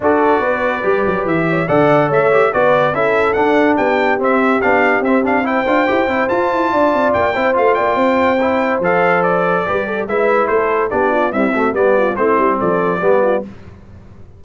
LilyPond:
<<
  \new Staff \with { instrumentName = "trumpet" } { \time 4/4 \tempo 4 = 143 d''2. e''4 | fis''4 e''4 d''4 e''4 | fis''4 g''4 e''4 f''4 | e''8 f''8 g''2 a''4~ |
a''4 g''4 f''8 g''4.~ | g''4 f''4 d''2 | e''4 c''4 d''4 e''4 | d''4 c''4 d''2 | }
  \new Staff \with { instrumentName = "horn" } { \time 4/4 a'4 b'2~ b'8 cis''8 | d''4 cis''4 b'4 a'4~ | a'4 g'2.~ | g'4 c''2. |
d''4. c''4 d''8 c''4~ | c''2. b'8 a'8 | b'4 a'4 g'8 f'8 e'8 fis'8 | g'8 f'8 e'4 a'4 g'8 f'8 | }
  \new Staff \with { instrumentName = "trombone" } { \time 4/4 fis'2 g'2 | a'4. g'8 fis'4 e'4 | d'2 c'4 d'4 | c'8 d'8 e'8 f'8 g'8 e'8 f'4~ |
f'4. e'8 f'2 | e'4 a'2 g'4 | e'2 d'4 g8 a8 | b4 c'2 b4 | }
  \new Staff \with { instrumentName = "tuba" } { \time 4/4 d'4 b4 g8 fis8 e4 | d4 a4 b4 cis'4 | d'4 b4 c'4 b4 | c'4. d'8 e'8 c'8 f'8 e'8 |
d'8 c'8 ais8 c'8 a8 ais8 c'4~ | c'4 f2 g4 | gis4 a4 b4 c'4 | g4 a8 g8 f4 g4 | }
>>